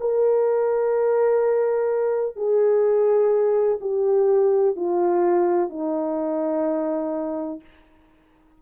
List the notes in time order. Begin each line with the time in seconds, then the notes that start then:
0.00 A#4
2.36 G#4
3.81 G4
4.76 F4
5.69 D#4